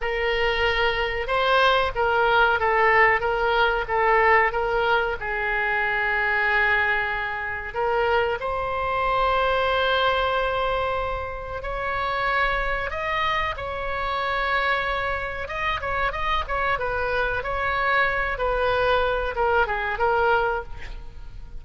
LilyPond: \new Staff \with { instrumentName = "oboe" } { \time 4/4 \tempo 4 = 93 ais'2 c''4 ais'4 | a'4 ais'4 a'4 ais'4 | gis'1 | ais'4 c''2.~ |
c''2 cis''2 | dis''4 cis''2. | dis''8 cis''8 dis''8 cis''8 b'4 cis''4~ | cis''8 b'4. ais'8 gis'8 ais'4 | }